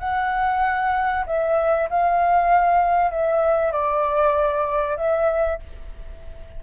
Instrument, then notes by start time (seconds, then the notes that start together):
flute
0.00 F#5
1.27 E5
1.90 F5
3.11 E5
3.72 D5
4.97 E5